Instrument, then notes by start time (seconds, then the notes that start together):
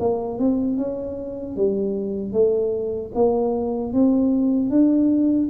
tuba
0.00 A#3
0.39 C4
0.78 C#4
1.57 G3
2.33 A3
3.15 A#3
3.94 C4
4.70 D4